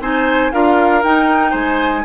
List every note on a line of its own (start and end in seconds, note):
0.00 0.51 C4
0.00 0.51 D#4
0.00 0.52 C5
0.00 0.52 G#5
0.51 1.03 D4
0.51 1.02 F4
0.51 1.50 A#4
0.51 1.02 F5
1.03 2.05 D#4
1.03 1.53 D#4
1.03 1.54 G5
1.50 2.04 G#3
1.50 2.01 C5
1.50 2.05 G#5